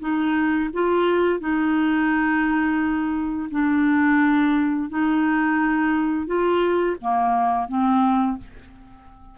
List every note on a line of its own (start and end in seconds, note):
0.00 0.70 D#4
0.74 1.40 F4
1.40 3.49 D#4
3.51 4.90 D4
4.90 6.27 D#4
6.27 6.96 F4
7.01 7.68 A#3
7.68 8.38 C4